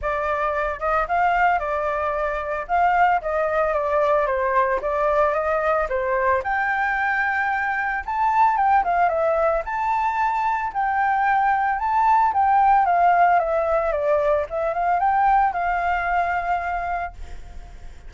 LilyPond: \new Staff \with { instrumentName = "flute" } { \time 4/4 \tempo 4 = 112 d''4. dis''8 f''4 d''4~ | d''4 f''4 dis''4 d''4 | c''4 d''4 dis''4 c''4 | g''2. a''4 |
g''8 f''8 e''4 a''2 | g''2 a''4 g''4 | f''4 e''4 d''4 e''8 f''8 | g''4 f''2. | }